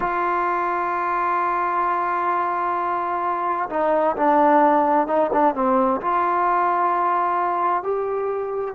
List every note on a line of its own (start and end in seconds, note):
0.00 3.69 F4
3.69 4.15 D#4
4.16 5.07 D4
5.07 5.30 D#4
5.33 5.54 D4
5.54 6.00 C4
6.01 7.83 F4
7.83 8.74 G4